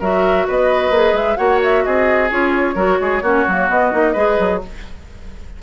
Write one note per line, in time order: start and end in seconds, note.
0.00 0.47 F#3
0.00 0.93 F#4
0.00 0.46 A#4
0.00 0.47 E5
0.47 0.90 B3
0.47 1.37 B4
0.47 1.16 D#5
0.90 1.13 A#3
0.90 1.36 G#4
1.13 1.36 G#3
1.13 1.36 E5
1.36 1.85 A#3
1.36 2.29 F#4
1.36 1.84 C#5
1.36 1.59 F#5
1.63 1.84 E5
1.84 2.31 C4
1.84 2.75 G#4
1.84 2.30 D#5
2.31 2.75 C#4
2.31 2.75 F4
2.31 3.69 C#5
2.75 2.98 F#3
2.75 3.21 F#4
2.75 2.98 A#4
3.00 3.22 G#3
3.00 3.23 G#4
3.22 3.45 A#3
3.22 3.47 C#4
3.22 4.13 F#4
3.47 3.69 F#3
3.47 3.69 A#3
3.69 3.92 B3
3.69 4.61 D#5
3.92 4.15 A#3
3.92 4.15 D#4
4.13 4.39 G#3
4.13 4.61 G#4
4.13 4.59 B4
4.39 4.62 F#3